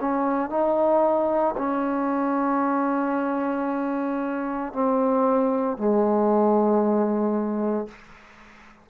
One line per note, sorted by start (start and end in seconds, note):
0.00 0.49 C#4
0.49 1.55 D#4
1.57 4.73 C#4
4.73 5.77 C4
5.77 7.88 G#3